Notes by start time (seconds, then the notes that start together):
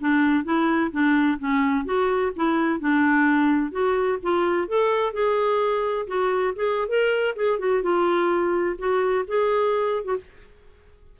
0.00 D4
0.44 E4
0.91 D4
1.39 C#4
1.85 F#4
2.36 E4
2.80 D4
3.71 F#4
4.22 F4
4.67 A4
5.13 G#4
6.07 F#4
6.55 G#4
6.88 A#4
7.36 G#4
7.59 F#4
7.82 F4
8.78 F#4
9.27 G#4
10.04 F#4